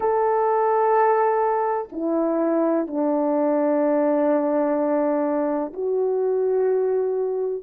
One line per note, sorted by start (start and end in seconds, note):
0.00 1.88 A4
1.91 2.87 E4
2.87 5.72 D4
5.73 7.63 F#4